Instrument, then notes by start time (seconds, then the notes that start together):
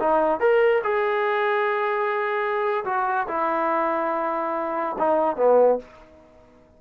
trombone
0.00 D#4
0.40 A#4
0.84 G#4
2.85 F#4
3.28 E4
4.99 D#4
5.37 B3